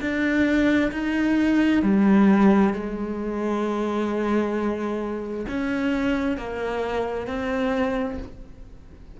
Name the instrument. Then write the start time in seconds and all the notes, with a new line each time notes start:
cello
0.00 D4
0.92 D#4
1.82 G3
2.73 G#3
5.48 C#4
6.37 A#3
7.27 C4